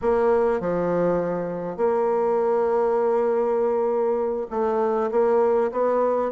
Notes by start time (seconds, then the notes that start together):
0.01 A#3
0.60 F3
1.76 A#3
4.50 A3
5.11 A#3
5.71 B3